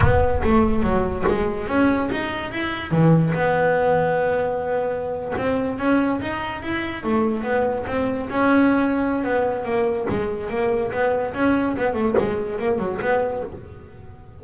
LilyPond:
\new Staff \with { instrumentName = "double bass" } { \time 4/4 \tempo 4 = 143 b4 a4 fis4 gis4 | cis'4 dis'4 e'4 e4 | b1~ | b8. c'4 cis'4 dis'4 e'16~ |
e'8. a4 b4 c'4 cis'16~ | cis'2 b4 ais4 | gis4 ais4 b4 cis'4 | b8 a8 gis4 ais8 fis8 b4 | }